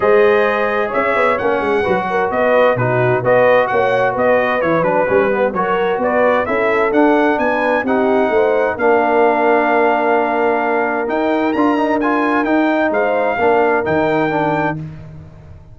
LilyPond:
<<
  \new Staff \with { instrumentName = "trumpet" } { \time 4/4 \tempo 4 = 130 dis''2 e''4 fis''4~ | fis''4 dis''4 b'4 dis''4 | fis''4 dis''4 cis''8 b'4. | cis''4 d''4 e''4 fis''4 |
gis''4 fis''2 f''4~ | f''1 | g''4 ais''4 gis''4 g''4 | f''2 g''2 | }
  \new Staff \with { instrumentName = "horn" } { \time 4/4 c''2 cis''2 | b'8 ais'8 b'4 fis'4 b'4 | cis''4 b'2. | ais'4 b'4 a'2 |
b'4 g'4 c''4 ais'4~ | ais'1~ | ais'1 | c''4 ais'2. | }
  \new Staff \with { instrumentName = "trombone" } { \time 4/4 gis'2. cis'4 | fis'2 dis'4 fis'4~ | fis'2 e'8 d'8 cis'8 b8 | fis'2 e'4 d'4~ |
d'4 dis'2 d'4~ | d'1 | dis'4 f'8 dis'8 f'4 dis'4~ | dis'4 d'4 dis'4 d'4 | }
  \new Staff \with { instrumentName = "tuba" } { \time 4/4 gis2 cis'8 b8 ais8 gis8 | fis4 b4 b,4 b4 | ais4 b4 e8 fis8 g4 | fis4 b4 cis'4 d'4 |
b4 c'4 a4 ais4~ | ais1 | dis'4 d'2 dis'4 | gis4 ais4 dis2 | }
>>